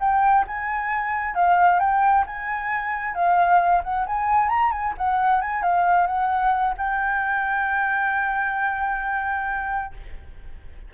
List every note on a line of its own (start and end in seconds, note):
0.00 0.45 G5
0.48 1.35 G#5
1.35 1.80 F5
1.80 2.25 G5
2.27 3.15 G#5
3.15 3.82 F5
3.84 4.06 F#5
4.07 4.49 G#5
4.49 4.72 A#5
4.72 4.94 G#5
4.98 5.41 F#5
5.41 5.63 G#5
5.63 6.07 F5
6.07 6.75 F#5
6.78 9.94 G5